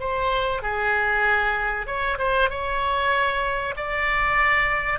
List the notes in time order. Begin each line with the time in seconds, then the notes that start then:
0.00 C5
0.62 G#4
1.87 C#5
2.18 C5
2.50 C#5
3.77 D5